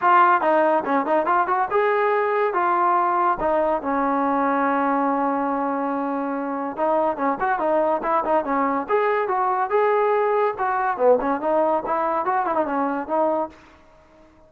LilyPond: \new Staff \with { instrumentName = "trombone" } { \time 4/4 \tempo 4 = 142 f'4 dis'4 cis'8 dis'8 f'8 fis'8 | gis'2 f'2 | dis'4 cis'2.~ | cis'1 |
dis'4 cis'8 fis'8 dis'4 e'8 dis'8 | cis'4 gis'4 fis'4 gis'4~ | gis'4 fis'4 b8 cis'8 dis'4 | e'4 fis'8 e'16 dis'16 cis'4 dis'4 | }